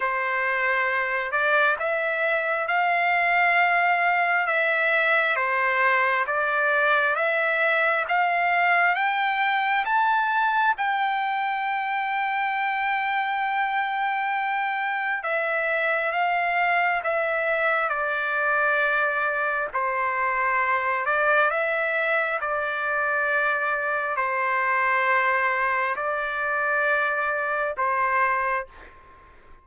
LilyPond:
\new Staff \with { instrumentName = "trumpet" } { \time 4/4 \tempo 4 = 67 c''4. d''8 e''4 f''4~ | f''4 e''4 c''4 d''4 | e''4 f''4 g''4 a''4 | g''1~ |
g''4 e''4 f''4 e''4 | d''2 c''4. d''8 | e''4 d''2 c''4~ | c''4 d''2 c''4 | }